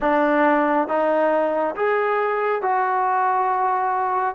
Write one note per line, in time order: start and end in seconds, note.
0.00 0.87 D4
0.88 1.75 D#4
1.75 2.61 G#4
2.61 4.35 F#4